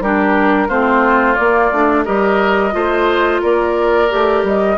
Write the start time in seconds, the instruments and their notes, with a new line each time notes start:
0.00 bassoon G3, clarinet D4, oboe G4, flute A#4
0.68 bassoon A3, clarinet C4, oboe F4, flute C5
1.35 bassoon A#3, clarinet A#3, flute D5
1.71 bassoon A3, clarinet D4
2.04 bassoon G3, clarinet G4, oboe A#4, flute D#5
2.71 bassoon A3, clarinet F4, oboe C5
3.41 bassoon A#3, oboe A#4, flute D5
4.09 bassoon A3, clarinet G4
4.43 bassoon G3, flute D#5